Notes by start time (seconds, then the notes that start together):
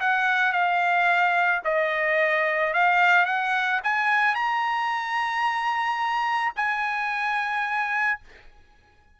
0.00 F#5
0.52 F5
1.65 D#5
2.73 F5
3.26 F#5
3.84 G#5
4.35 A#5
6.56 G#5